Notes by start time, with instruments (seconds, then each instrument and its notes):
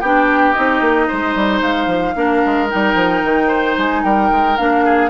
0.00 bassoon B3, clarinet D4, oboe G4, flute G5
0.52 bassoon C4, clarinet D#4, flute D#5
0.81 bassoon A#3
1.07 bassoon G#3, oboe C5
1.35 bassoon G3
1.61 bassoon G#3, flute F5
1.86 bassoon F3
2.15 bassoon A#3, clarinet D4, oboe A#4
2.45 bassoon G#3
2.69 bassoon G3, clarinet D#4, flute G5
2.94 bassoon F3
3.24 bassoon D#3
3.47 oboe C5
3.77 bassoon G#3, flute G#5
4.03 bassoon G3, oboe A#4, flute G5
4.31 bassoon G#3
4.57 bassoon A#3, clarinet D4, flute F5
4.85 oboe G#4